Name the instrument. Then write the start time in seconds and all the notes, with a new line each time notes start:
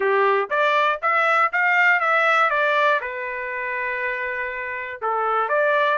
trumpet
0.00 G4
0.50 D5
1.02 E5
1.52 F5
2.00 E5
2.50 D5
3.00 B4
5.01 A4
5.48 D5